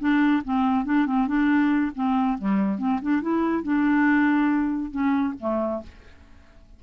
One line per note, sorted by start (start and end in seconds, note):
0.00 0.43 D4
0.44 0.85 C4
0.85 1.06 D4
1.06 1.28 C4
1.28 1.92 D4
1.95 2.38 C4
2.38 2.78 G3
2.78 3.00 C4
3.02 3.22 D4
3.22 3.63 E4
3.63 4.91 D4
4.91 5.34 C#4
5.40 5.83 A3